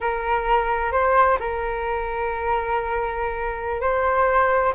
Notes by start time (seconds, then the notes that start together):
0.00 A#4
0.92 C5
1.39 A#4
3.81 C5